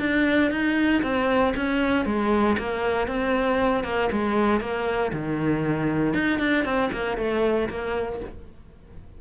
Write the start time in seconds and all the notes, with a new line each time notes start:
0.00 D4
0.51 D#4
1.03 C4
1.57 C#4
2.06 G#3
2.59 A#3
3.08 C4
3.84 A#3
4.12 G#3
4.61 A#3
5.13 D#3
6.14 D#4
6.39 D4
6.65 C4
6.93 A#3
7.18 A3
7.69 A#3